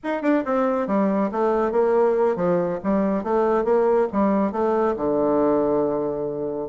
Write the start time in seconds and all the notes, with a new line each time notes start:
0.03 D#4
0.22 D4
0.45 C4
0.87 G3
1.31 A3
1.71 A#3
2.36 F3
2.83 G3
3.23 A3
3.64 A#3
4.12 G3
4.51 A3
4.96 D3